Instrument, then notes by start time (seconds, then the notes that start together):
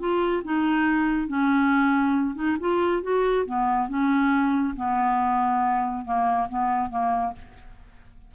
clarinet
0.00 F4
0.45 D#4
1.28 C#4
2.36 D#4
2.61 F4
3.03 F#4
3.46 B3
3.89 C#4
4.77 B3
6.05 A#3
6.49 B3
6.90 A#3